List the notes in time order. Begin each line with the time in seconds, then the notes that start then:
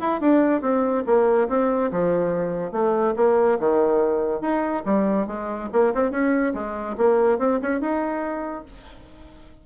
0.00 E4
0.21 D4
0.61 C4
1.06 A#3
1.49 C4
1.91 F3
2.72 A3
3.16 A#3
3.59 D#3
4.41 D#4
4.86 G3
5.27 G#3
5.72 A#3
5.94 C4
6.11 C#4
6.54 G#3
6.97 A#3
7.39 C4
7.62 C#4
7.81 D#4